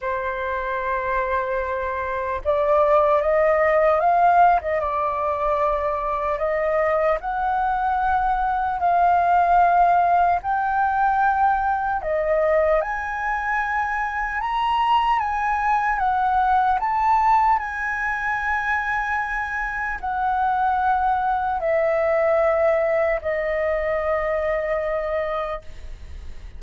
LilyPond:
\new Staff \with { instrumentName = "flute" } { \time 4/4 \tempo 4 = 75 c''2. d''4 | dis''4 f''8. dis''16 d''2 | dis''4 fis''2 f''4~ | f''4 g''2 dis''4 |
gis''2 ais''4 gis''4 | fis''4 a''4 gis''2~ | gis''4 fis''2 e''4~ | e''4 dis''2. | }